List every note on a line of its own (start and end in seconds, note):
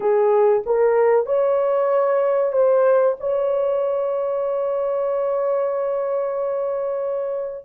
0.00 0.63 G#4
0.66 1.26 A#4
1.26 2.52 C#5
2.52 3.16 C5
3.19 7.65 C#5